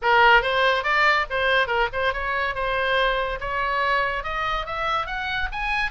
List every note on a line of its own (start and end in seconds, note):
0.02 0.41 A#4
0.41 0.83 C5
0.83 1.25 D5
1.29 1.67 C5
1.67 1.88 A#4
1.92 2.13 C5
2.13 2.54 C#5
2.54 3.39 C5
3.40 4.23 C#5
4.23 4.65 D#5
4.65 5.06 E5
5.06 5.48 F#5
5.51 5.90 G#5